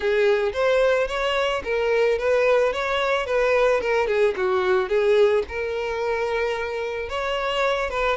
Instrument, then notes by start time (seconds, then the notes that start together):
violin
0.00 G#4
0.53 C5
1.07 C#5
1.64 A#4
2.18 B4
2.72 C#5
3.26 B4
3.81 A#4
4.07 G#4
4.36 F#4
4.88 G#4
5.48 A#4
7.09 C#5
7.90 B4